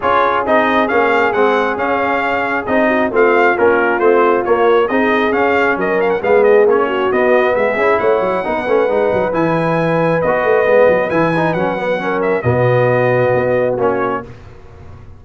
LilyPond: <<
  \new Staff \with { instrumentName = "trumpet" } { \time 4/4 \tempo 4 = 135 cis''4 dis''4 f''4 fis''4 | f''2 dis''4 f''4 | ais'4 c''4 cis''4 dis''4 | f''4 dis''8 f''16 fis''16 f''8 dis''8 cis''4 |
dis''4 e''4 fis''2~ | fis''4 gis''2 dis''4~ | dis''4 gis''4 fis''4. e''8 | dis''2. cis''4 | }
  \new Staff \with { instrumentName = "horn" } { \time 4/4 gis'1~ | gis'2~ gis'8 fis'8 f'4~ | f'2. gis'4~ | gis'4 ais'4 gis'4. fis'8~ |
fis'4 gis'4 cis''4 b'4~ | b'1~ | b'2. ais'4 | fis'1 | }
  \new Staff \with { instrumentName = "trombone" } { \time 4/4 f'4 dis'4 cis'4 c'4 | cis'2 dis'4 c'4 | cis'4 c'4 ais4 dis'4 | cis'2 b4 cis'4 |
b4. e'4. dis'8 cis'8 | dis'4 e'2 fis'4 | b4 e'8 dis'8 cis'8 b8 cis'4 | b2. cis'4 | }
  \new Staff \with { instrumentName = "tuba" } { \time 4/4 cis'4 c'4 ais4 gis4 | cis'2 c'4 a4 | ais4 a4 ais4 c'4 | cis'4 fis4 gis4 ais4 |
b4 gis8 cis'8 a8 fis8 b8 a8 | gis8 fis8 e2 b8 a8 | gis8 fis8 e4 fis2 | b,2 b4 ais4 | }
>>